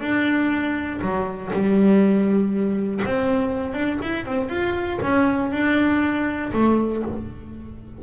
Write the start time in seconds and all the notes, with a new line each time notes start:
0.00 D4
1.01 F#3
1.52 G3
3.05 C4
3.74 D4
4.02 E4
4.25 C4
4.49 F4
5.02 C#4
5.51 D4
6.52 A3